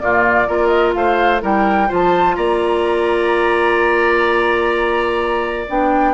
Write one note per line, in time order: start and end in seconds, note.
0.00 0.48 A#2
0.00 0.48 A#3
0.00 0.48 F4
0.00 0.67 D5
0.48 0.95 A#3
0.48 1.41 F4
0.48 0.95 A#4
0.67 0.91 D#5
0.94 1.42 A3
0.94 1.43 C5
0.94 1.41 F5
1.41 1.90 G3
1.41 1.88 E4
1.41 1.88 A#4
1.41 1.92 G5
1.88 2.37 F3
1.88 5.66 F4
1.88 2.36 C5
1.88 2.36 A5
2.36 5.68 A#3
2.36 6.14 D5
2.36 5.67 A#5
5.69 6.14 B3
5.69 6.14 D4
5.69 6.14 G5